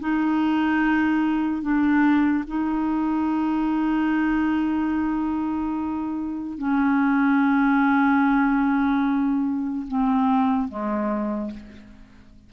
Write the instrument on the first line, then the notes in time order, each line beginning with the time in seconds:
clarinet
0.00 D#4
1.62 D4
2.47 D#4
6.58 C#4
9.88 C4
10.68 G#3